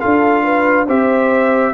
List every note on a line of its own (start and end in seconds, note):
0.00 0.88 D4
0.00 0.87 F4
0.00 0.43 A4
0.00 0.87 F5
0.43 0.86 B4
0.86 1.73 C4
0.86 1.73 G4
0.86 1.73 C5
0.86 1.73 E5